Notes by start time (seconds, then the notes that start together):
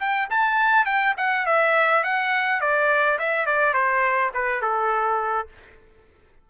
0.00 G5
0.30 A5
0.86 G5
1.17 F#5
1.46 E5
2.04 F#5
2.61 D5
3.19 E5
3.46 D5
3.74 C5
4.34 B4
4.62 A4